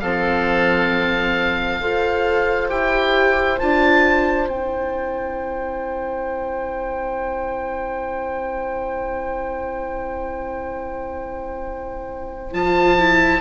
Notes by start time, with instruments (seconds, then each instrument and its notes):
0.00 bassoon F3, viola C4, oboe A4 F5
1.80 bassoon F4, viola A4, oboe C5
2.69 bassoon E4, viola G4, oboe G5
3.60 bassoon D4, viola F4, oboe A5
4.48 bassoon C4, viola E4, oboe G5
12.53 bassoon F3, viola F4, oboe A5
12.99 viola E4